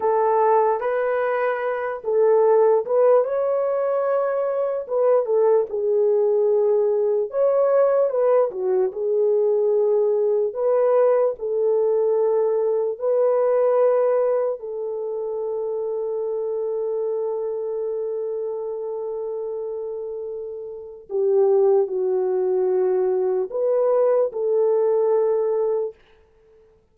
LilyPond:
\new Staff \with { instrumentName = "horn" } { \time 4/4 \tempo 4 = 74 a'4 b'4. a'4 b'8 | cis''2 b'8 a'8 gis'4~ | gis'4 cis''4 b'8 fis'8 gis'4~ | gis'4 b'4 a'2 |
b'2 a'2~ | a'1~ | a'2 g'4 fis'4~ | fis'4 b'4 a'2 | }